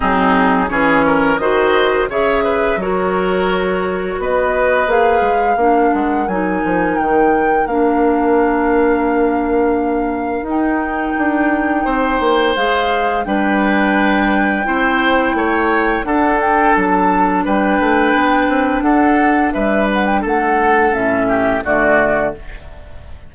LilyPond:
<<
  \new Staff \with { instrumentName = "flute" } { \time 4/4 \tempo 4 = 86 gis'4 cis''4 dis''4 e''4 | cis''2 dis''4 f''4~ | f''8 fis''8 gis''4 g''4 f''4~ | f''2. g''4~ |
g''2 f''4 g''4~ | g''2. fis''8 g''8 | a''4 g''2 fis''4 | e''8 fis''16 g''16 fis''4 e''4 d''4 | }
  \new Staff \with { instrumentName = "oboe" } { \time 4/4 dis'4 gis'8 ais'8 c''4 cis''8 b'8 | ais'2 b'2 | ais'1~ | ais'1~ |
ais'4 c''2 b'4~ | b'4 c''4 cis''4 a'4~ | a'4 b'2 a'4 | b'4 a'4. g'8 fis'4 | }
  \new Staff \with { instrumentName = "clarinet" } { \time 4/4 c'4 cis'4 fis'4 gis'4 | fis'2. gis'4 | d'4 dis'2 d'4~ | d'2. dis'4~ |
dis'2 gis'4 d'4~ | d'4 e'2 d'4~ | d'1~ | d'2 cis'4 a4 | }
  \new Staff \with { instrumentName = "bassoon" } { \time 4/4 fis4 e4 dis4 cis4 | fis2 b4 ais8 gis8 | ais8 gis8 fis8 f8 dis4 ais4~ | ais2. dis'4 |
d'4 c'8 ais8 gis4 g4~ | g4 c'4 a4 d'4 | fis4 g8 a8 b8 c'8 d'4 | g4 a4 a,4 d4 | }
>>